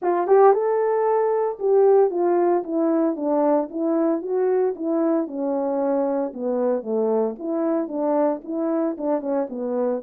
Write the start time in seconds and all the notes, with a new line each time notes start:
0.02 F4
0.27 G4
0.53 A4
1.59 G4
2.10 F4
2.63 E4
3.16 D4
3.70 E4
4.22 F#4
4.75 E4
5.27 C#4
6.33 B3
6.82 A3
7.38 E4
7.88 D4
8.44 E4
8.97 D4
9.20 C#4
9.49 B3